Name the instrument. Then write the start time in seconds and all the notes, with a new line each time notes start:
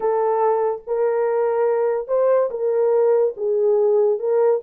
horn
0.00 A4
0.86 A#4
2.07 C5
2.50 A#4
3.36 G#4
4.19 A#4